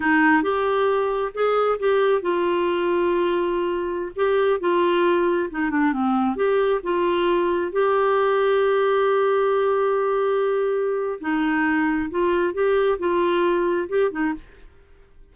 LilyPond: \new Staff \with { instrumentName = "clarinet" } { \time 4/4 \tempo 4 = 134 dis'4 g'2 gis'4 | g'4 f'2.~ | f'4~ f'16 g'4 f'4.~ f'16~ | f'16 dis'8 d'8 c'4 g'4 f'8.~ |
f'4~ f'16 g'2~ g'8.~ | g'1~ | g'4 dis'2 f'4 | g'4 f'2 g'8 dis'8 | }